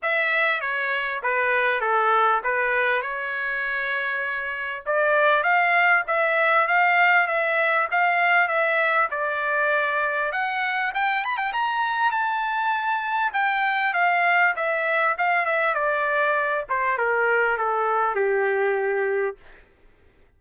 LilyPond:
\new Staff \with { instrumentName = "trumpet" } { \time 4/4 \tempo 4 = 99 e''4 cis''4 b'4 a'4 | b'4 cis''2. | d''4 f''4 e''4 f''4 | e''4 f''4 e''4 d''4~ |
d''4 fis''4 g''8 b''16 g''16 ais''4 | a''2 g''4 f''4 | e''4 f''8 e''8 d''4. c''8 | ais'4 a'4 g'2 | }